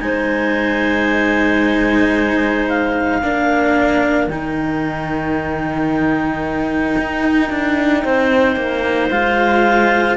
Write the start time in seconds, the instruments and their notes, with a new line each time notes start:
0.00 cello G#3 D#4, clarinet C5 G#5
2.69 clarinet F5
3.21 cello A#3 D4, clarinet A#4
4.27 cello D#3 D#4, clarinet G5
6.98 cello D#4
7.50 cello D4
8.03 cello C4, clarinet C5
8.56 cello A#3
9.10 cello G#3 F4, clarinet F5